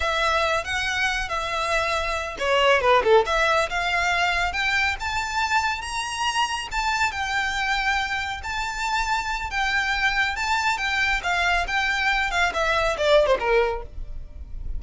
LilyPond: \new Staff \with { instrumentName = "violin" } { \time 4/4 \tempo 4 = 139 e''4. fis''4. e''4~ | e''4. cis''4 b'8 a'8 e''8~ | e''8 f''2 g''4 a''8~ | a''4. ais''2 a''8~ |
a''8 g''2. a''8~ | a''2 g''2 | a''4 g''4 f''4 g''4~ | g''8 f''8 e''4 d''8. c''16 ais'4 | }